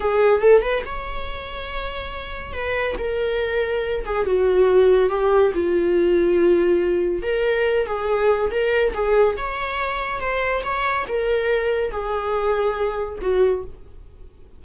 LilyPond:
\new Staff \with { instrumentName = "viola" } { \time 4/4 \tempo 4 = 141 gis'4 a'8 b'8 cis''2~ | cis''2 b'4 ais'4~ | ais'4. gis'8 fis'2 | g'4 f'2.~ |
f'4 ais'4. gis'4. | ais'4 gis'4 cis''2 | c''4 cis''4 ais'2 | gis'2. fis'4 | }